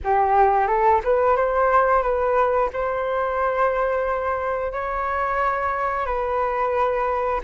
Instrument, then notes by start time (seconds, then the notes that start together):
flute
0.03 G4
0.67 A4
1.04 B4
1.36 C5
2.02 B4
2.73 C5
4.72 C#5
6.06 B4